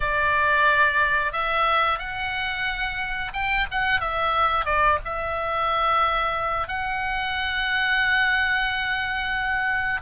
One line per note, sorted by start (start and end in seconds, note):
0.00 1.32 D5
1.32 1.98 E5
1.98 3.32 F#5
3.33 3.66 G5
3.71 4.00 F#5
4.00 4.65 E5
4.65 4.98 D5
5.05 6.68 E5
6.68 10.01 F#5